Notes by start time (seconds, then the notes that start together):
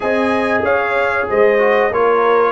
0.00 C4 G#4 D#5 G#5
0.62 C#4 C#5 F5
1.29 G#3 C5 D#5
1.58 F#4
1.91 A#3 F4 A#4 C#5